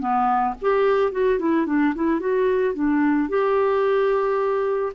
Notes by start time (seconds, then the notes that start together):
0.00 B3
0.62 G4
1.12 F#4
1.39 E4
1.67 D4
1.95 E4
2.20 F#4
2.75 D4
3.29 G4